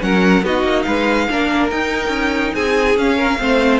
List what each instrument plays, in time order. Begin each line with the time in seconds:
0.00 cello F#3, viola C#4, violin A#4 F#5
0.43 cello B3, viola D#4, violin F#4 D#5
0.63 cello A#3
0.83 cello G#3, violin B4 F5
1.30 cello A#3, viola D4, violin A#4
1.70 viola D#4, cello D#4, violin G5
2.08 cello C#4
2.54 cello C4, violin G#4 G#5
2.97 cello C#4, viola C#4, violin F5
3.17 violin A#4
3.38 cello A3, viola C4, violin C5